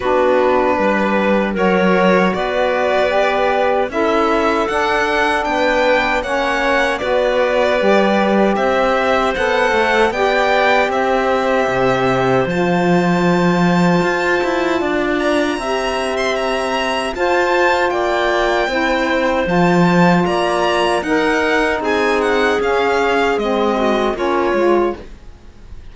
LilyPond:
<<
  \new Staff \with { instrumentName = "violin" } { \time 4/4 \tempo 4 = 77 b'2 cis''4 d''4~ | d''4 e''4 fis''4 g''4 | fis''4 d''2 e''4 | fis''4 g''4 e''2 |
a''2.~ a''8 ais''8~ | ais''8. c'''16 ais''4 a''4 g''4~ | g''4 a''4 ais''4 fis''4 | gis''8 fis''8 f''4 dis''4 cis''4 | }
  \new Staff \with { instrumentName = "clarinet" } { \time 4/4 fis'4 b'4 ais'4 b'4~ | b'4 a'2 b'4 | cis''4 b'2 c''4~ | c''4 d''4 c''2~ |
c''2. d''4 | e''2 c''4 d''4 | c''2 d''4 ais'4 | gis'2~ gis'8 fis'8 f'4 | }
  \new Staff \with { instrumentName = "saxophone" } { \time 4/4 d'2 fis'2 | g'4 e'4 d'2 | cis'4 fis'4 g'2 | a'4 g'2. |
f'1 | g'2 f'2 | e'4 f'2 dis'4~ | dis'4 cis'4 c'4 cis'8 f'8 | }
  \new Staff \with { instrumentName = "cello" } { \time 4/4 b4 g4 fis4 b4~ | b4 cis'4 d'4 b4 | ais4 b4 g4 c'4 | b8 a8 b4 c'4 c4 |
f2 f'8 e'8 d'4 | c'2 f'4 ais4 | c'4 f4 ais4 dis'4 | c'4 cis'4 gis4 ais8 gis8 | }
>>